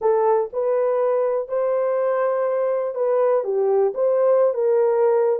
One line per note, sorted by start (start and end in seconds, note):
0.01 0.50 A4
0.53 1.48 B4
1.48 2.94 C5
2.94 3.43 B4
3.43 3.93 G4
3.94 4.54 C5
4.54 5.39 A#4